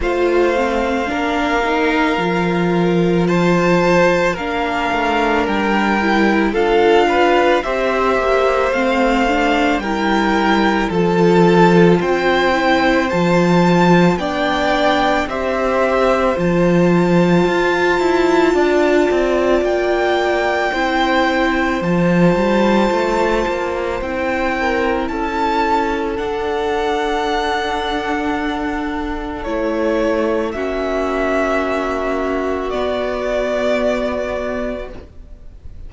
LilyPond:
<<
  \new Staff \with { instrumentName = "violin" } { \time 4/4 \tempo 4 = 55 f''2. a''4 | f''4 g''4 f''4 e''4 | f''4 g''4 a''4 g''4 | a''4 g''4 e''4 a''4~ |
a''2 g''2 | a''2 g''4 a''4 | fis''2. cis''4 | e''2 d''2 | }
  \new Staff \with { instrumentName = "violin" } { \time 4/4 c''4 ais'2 c''4 | ais'2 a'8 b'8 c''4~ | c''4 ais'4 a'4 c''4~ | c''4 d''4 c''2~ |
c''4 d''2 c''4~ | c''2~ c''8 ais'8 a'4~ | a'1 | fis'1 | }
  \new Staff \with { instrumentName = "viola" } { \time 4/4 f'8 c'8 d'8 dis'8 f'2 | d'4. e'8 f'4 g'4 | c'8 d'8 e'4 f'4. e'8 | f'4 d'4 g'4 f'4~ |
f'2. e'4 | f'2 e'2 | d'2. e'4 | cis'2 b2 | }
  \new Staff \with { instrumentName = "cello" } { \time 4/4 a4 ais4 f2 | ais8 a8 g4 d'4 c'8 ais8 | a4 g4 f4 c'4 | f4 b4 c'4 f4 |
f'8 e'8 d'8 c'8 ais4 c'4 | f8 g8 a8 ais8 c'4 cis'4 | d'2. a4 | ais2 b2 | }
>>